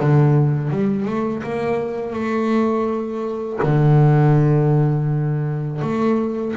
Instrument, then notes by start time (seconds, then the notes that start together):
double bass
0.00 D3
0.71 G3
1.06 A3
1.43 A#3
2.13 A3
3.63 D3
5.82 A3